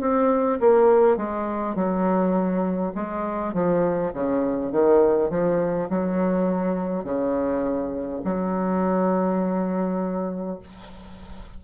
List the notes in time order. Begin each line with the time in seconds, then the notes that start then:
0.00 C4
0.59 A#3
1.17 G#3
1.75 F#3
2.95 G#3
3.53 F3
4.13 C#3
4.72 D#3
5.29 F3
5.89 F#3
7.04 C#3
8.24 F#3